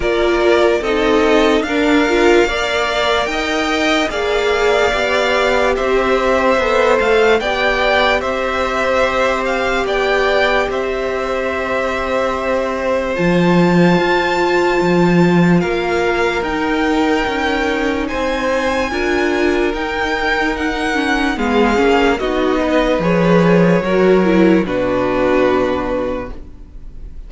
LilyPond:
<<
  \new Staff \with { instrumentName = "violin" } { \time 4/4 \tempo 4 = 73 d''4 dis''4 f''2 | g''4 f''2 e''4~ | e''8 f''8 g''4 e''4. f''8 | g''4 e''2. |
a''2. f''4 | g''2 gis''2 | g''4 fis''4 f''4 dis''4 | cis''2 b'2 | }
  \new Staff \with { instrumentName = "violin" } { \time 4/4 ais'4 a'4 ais'4 d''4 | dis''4 d''2 c''4~ | c''4 d''4 c''2 | d''4 c''2.~ |
c''2. ais'4~ | ais'2 c''4 ais'4~ | ais'2 gis'4 fis'8 b'8~ | b'4 ais'4 fis'2 | }
  \new Staff \with { instrumentName = "viola" } { \time 4/4 f'4 dis'4 d'8 f'8 ais'4~ | ais'4 gis'4 g'2 | a'4 g'2.~ | g'1 |
f'1 | dis'2. f'4 | dis'4. cis'8 b8 cis'8 dis'4 | gis'4 fis'8 e'8 d'2 | }
  \new Staff \with { instrumentName = "cello" } { \time 4/4 ais4 c'4 d'4 ais4 | dis'4 ais4 b4 c'4 | b8 a8 b4 c'2 | b4 c'2. |
f4 f'4 f4 ais4 | dis'4 cis'4 c'4 d'4 | dis'2 gis8 ais8 b4 | f4 fis4 b,2 | }
>>